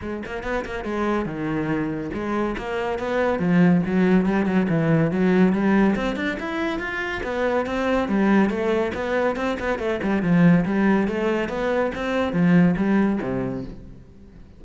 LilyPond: \new Staff \with { instrumentName = "cello" } { \time 4/4 \tempo 4 = 141 gis8 ais8 b8 ais8 gis4 dis4~ | dis4 gis4 ais4 b4 | f4 fis4 g8 fis8 e4 | fis4 g4 c'8 d'8 e'4 |
f'4 b4 c'4 g4 | a4 b4 c'8 b8 a8 g8 | f4 g4 a4 b4 | c'4 f4 g4 c4 | }